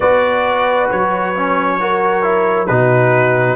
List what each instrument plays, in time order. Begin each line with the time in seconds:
0.00 tuba B3, trombone F#4, horn B4, trumpet D5
0.90 tuba F#3, trumpet C#5
1.35 trombone C#4
1.80 trombone F#4, horn A#4
2.22 trombone E4
2.66 tuba B2, trombone D#4, horn F#4, trumpet B4